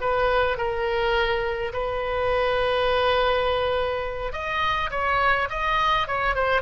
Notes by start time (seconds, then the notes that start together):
0.00 B4
0.57 A#4
1.72 B4
4.32 D#5
4.90 C#5
5.49 D#5
6.07 C#5
6.35 C5